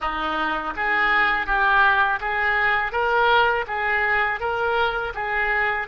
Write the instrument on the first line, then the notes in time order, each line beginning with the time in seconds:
oboe
0.00 D#4
0.76 G#4
1.46 G4
2.20 G#4
2.91 A#4
3.67 G#4
4.40 A#4
5.14 G#4